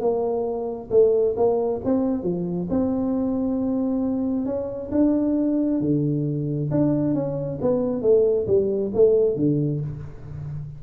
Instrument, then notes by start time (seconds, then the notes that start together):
tuba
0.00 A#3
0.90 A3
1.36 A#3
1.84 C4
2.23 F3
2.69 C4
4.46 C#4
4.91 D4
5.80 D3
6.71 D4
7.14 C#4
7.61 B3
8.02 A3
8.47 G3
8.94 A3
9.35 D3